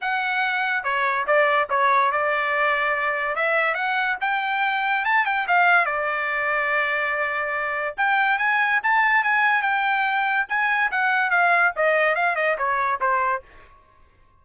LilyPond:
\new Staff \with { instrumentName = "trumpet" } { \time 4/4 \tempo 4 = 143 fis''2 cis''4 d''4 | cis''4 d''2. | e''4 fis''4 g''2 | a''8 g''8 f''4 d''2~ |
d''2. g''4 | gis''4 a''4 gis''4 g''4~ | g''4 gis''4 fis''4 f''4 | dis''4 f''8 dis''8 cis''4 c''4 | }